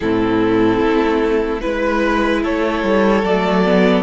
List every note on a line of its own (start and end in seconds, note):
0.00 0.79 A2
0.00 1.61 C4
0.00 1.60 E4
0.00 1.61 A4
0.79 1.60 A3
1.60 2.44 G#3
1.60 3.23 E4
1.60 2.41 B4
1.60 2.43 B4
2.42 2.82 A3
2.42 4.03 A4
2.42 3.24 C#5
2.82 3.23 G3
3.23 4.03 F#3
3.23 3.65 A3
3.23 4.03 D5
3.65 4.03 B3